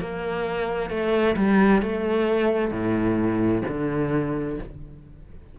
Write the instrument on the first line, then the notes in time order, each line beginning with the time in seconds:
cello
0.00 A#3
0.90 A3
1.37 G3
1.82 A3
2.71 A2
3.68 D3